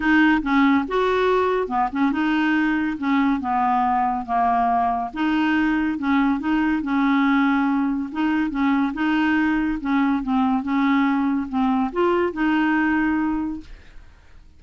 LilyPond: \new Staff \with { instrumentName = "clarinet" } { \time 4/4 \tempo 4 = 141 dis'4 cis'4 fis'2 | b8 cis'8 dis'2 cis'4 | b2 ais2 | dis'2 cis'4 dis'4 |
cis'2. dis'4 | cis'4 dis'2 cis'4 | c'4 cis'2 c'4 | f'4 dis'2. | }